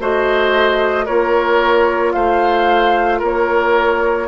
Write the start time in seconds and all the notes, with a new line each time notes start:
0.00 A3 F#4 C5 D#5
1.05 A#3 F4 A#4 C#5
2.12 A3 C5 F5
3.19 A#3 A#4 C#5